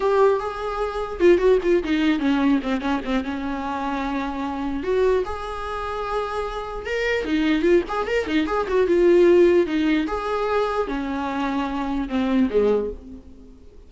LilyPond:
\new Staff \with { instrumentName = "viola" } { \time 4/4 \tempo 4 = 149 g'4 gis'2 f'8 fis'8 | f'8 dis'4 cis'4 c'8 cis'8 c'8 | cis'1 | fis'4 gis'2.~ |
gis'4 ais'4 dis'4 f'8 gis'8 | ais'8 dis'8 gis'8 fis'8 f'2 | dis'4 gis'2 cis'4~ | cis'2 c'4 gis4 | }